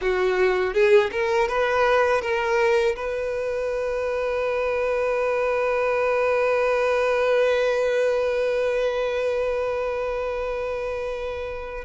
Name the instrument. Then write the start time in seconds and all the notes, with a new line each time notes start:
violin
0.01 F#4
0.73 G#4
1.11 A#4
1.48 B4
2.21 A#4
2.96 B4